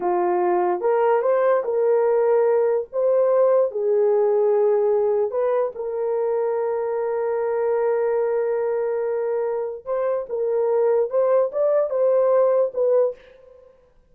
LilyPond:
\new Staff \with { instrumentName = "horn" } { \time 4/4 \tempo 4 = 146 f'2 ais'4 c''4 | ais'2. c''4~ | c''4 gis'2.~ | gis'4 b'4 ais'2~ |
ais'1~ | ais'1 | c''4 ais'2 c''4 | d''4 c''2 b'4 | }